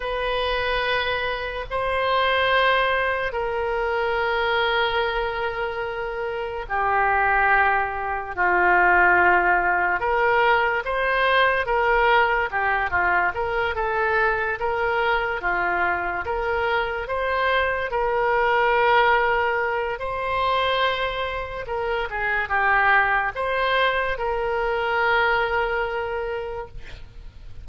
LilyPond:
\new Staff \with { instrumentName = "oboe" } { \time 4/4 \tempo 4 = 72 b'2 c''2 | ais'1 | g'2 f'2 | ais'4 c''4 ais'4 g'8 f'8 |
ais'8 a'4 ais'4 f'4 ais'8~ | ais'8 c''4 ais'2~ ais'8 | c''2 ais'8 gis'8 g'4 | c''4 ais'2. | }